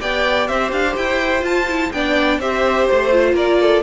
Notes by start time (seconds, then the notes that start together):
0.00 B3 G4 D5 G5
0.47 C4 C5 E5
0.72 D4 F5
0.96 E4 G5
1.41 F4 A5
1.68 E4
1.92 B3 D4 D5 G5
2.39 C4 G4 C5 E5
2.87 A3 C5
3.11 F4
3.34 A#3 A#4 D5
3.61 A4